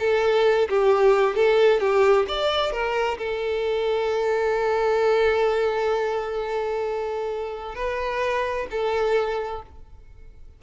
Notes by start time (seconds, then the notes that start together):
0.00 A4
0.69 G4
1.36 A4
1.80 G4
2.28 D5
2.72 A#4
3.19 A4
7.75 B4
8.71 A4